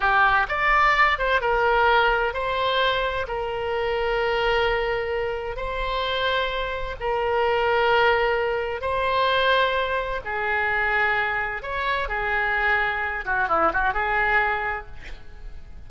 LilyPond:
\new Staff \with { instrumentName = "oboe" } { \time 4/4 \tempo 4 = 129 g'4 d''4. c''8 ais'4~ | ais'4 c''2 ais'4~ | ais'1 | c''2. ais'4~ |
ais'2. c''4~ | c''2 gis'2~ | gis'4 cis''4 gis'2~ | gis'8 fis'8 e'8 fis'8 gis'2 | }